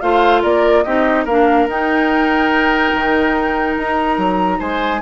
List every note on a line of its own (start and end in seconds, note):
0.00 0.43 A3
0.00 0.85 F4
0.00 0.42 C5
0.00 0.42 F5
0.42 0.85 A#3
0.42 0.84 A#4
0.42 0.83 D5
0.83 1.25 C4
0.83 1.27 D#4
0.83 1.24 G4
0.83 1.25 D#5
1.24 1.67 A#3
1.24 1.68 D4
1.24 4.58 A#4
1.24 1.68 F5
1.67 2.92 D#4
1.67 5.02 D#4
1.67 3.78 G5
2.94 3.77 D#3
3.77 4.18 D#4
3.77 4.60 A#5
4.18 4.59 F#3
4.59 5.02 G#3
4.59 5.01 C5
4.59 5.02 G#5